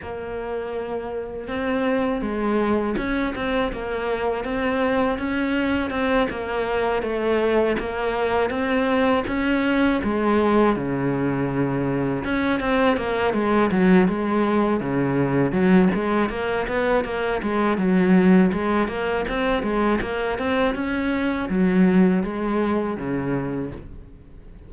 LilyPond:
\new Staff \with { instrumentName = "cello" } { \time 4/4 \tempo 4 = 81 ais2 c'4 gis4 | cis'8 c'8 ais4 c'4 cis'4 | c'8 ais4 a4 ais4 c'8~ | c'8 cis'4 gis4 cis4.~ |
cis8 cis'8 c'8 ais8 gis8 fis8 gis4 | cis4 fis8 gis8 ais8 b8 ais8 gis8 | fis4 gis8 ais8 c'8 gis8 ais8 c'8 | cis'4 fis4 gis4 cis4 | }